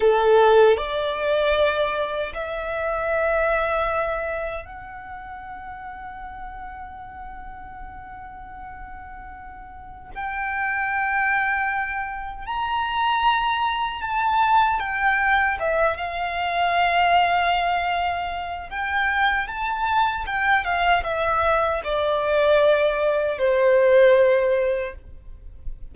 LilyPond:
\new Staff \with { instrumentName = "violin" } { \time 4/4 \tempo 4 = 77 a'4 d''2 e''4~ | e''2 fis''2~ | fis''1~ | fis''4 g''2. |
ais''2 a''4 g''4 | e''8 f''2.~ f''8 | g''4 a''4 g''8 f''8 e''4 | d''2 c''2 | }